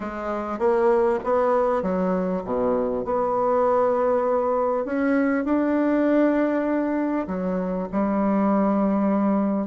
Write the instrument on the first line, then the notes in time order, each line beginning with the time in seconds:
bassoon
0.00 G#3
0.58 A#3
1.24 B3
1.82 F#3
2.44 B2
3.04 B3
4.85 C#4
5.45 D4
7.27 F#3
7.91 G3